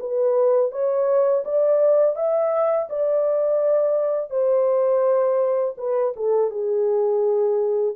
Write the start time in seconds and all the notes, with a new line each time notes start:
0.00 B4
0.72 C#5
1.45 D5
2.16 E5
2.89 D5
4.30 C5
5.78 B4
6.16 A4
6.51 G#4